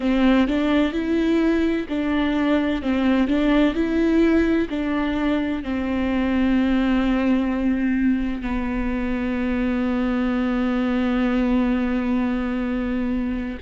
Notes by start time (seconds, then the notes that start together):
0.00 C4
0.47 D4
0.92 E4
1.88 D4
2.82 C4
3.27 D4
3.74 E4
4.69 D4
5.62 C4
8.42 B3